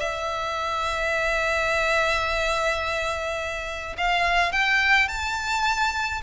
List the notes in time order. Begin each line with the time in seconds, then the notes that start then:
0.00 E5
3.98 F5
4.52 G5
5.08 A5